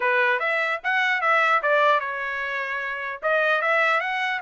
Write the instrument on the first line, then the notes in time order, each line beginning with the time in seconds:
trumpet
0.00 B4
0.39 E5
0.83 F#5
1.21 E5
1.62 D5
1.99 C#5
3.22 D#5
3.61 E5
4.00 F#5